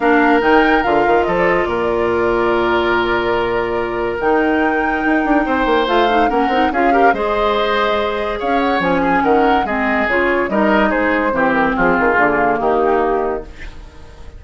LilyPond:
<<
  \new Staff \with { instrumentName = "flute" } { \time 4/4 \tempo 4 = 143 f''4 g''4 f''4 dis''16 d''16 dis''8 | d''1~ | d''2 g''2~ | g''2 f''4 fis''4 |
f''4 dis''2. | f''8 fis''8 gis''4 fis''4 dis''4 | cis''4 dis''4 c''4. ais'8 | gis'2 g'2 | }
  \new Staff \with { instrumentName = "oboe" } { \time 4/4 ais'2. a'4 | ais'1~ | ais'1~ | ais'4 c''2 ais'4 |
gis'8 ais'8 c''2. | cis''4. gis'8 ais'4 gis'4~ | gis'4 ais'4 gis'4 g'4 | f'2 dis'2 | }
  \new Staff \with { instrumentName = "clarinet" } { \time 4/4 d'4 dis'4 f'2~ | f'1~ | f'2 dis'2~ | dis'2 f'8 dis'8 cis'8 dis'8 |
f'8 g'8 gis'2.~ | gis'4 cis'2 c'4 | f'4 dis'2 c'4~ | c'4 ais2. | }
  \new Staff \with { instrumentName = "bassoon" } { \time 4/4 ais4 dis4 d8 dis8 f4 | ais,1~ | ais,2 dis2 | dis'8 d'8 c'8 ais8 a4 ais8 c'8 |
cis'4 gis2. | cis'4 f4 dis4 gis4 | cis4 g4 gis4 e4 | f8 dis8 d4 dis2 | }
>>